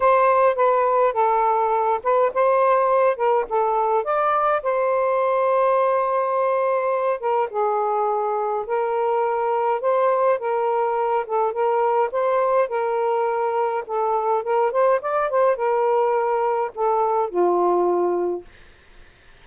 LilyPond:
\new Staff \with { instrumentName = "saxophone" } { \time 4/4 \tempo 4 = 104 c''4 b'4 a'4. b'8 | c''4. ais'8 a'4 d''4 | c''1~ | c''8 ais'8 gis'2 ais'4~ |
ais'4 c''4 ais'4. a'8 | ais'4 c''4 ais'2 | a'4 ais'8 c''8 d''8 c''8 ais'4~ | ais'4 a'4 f'2 | }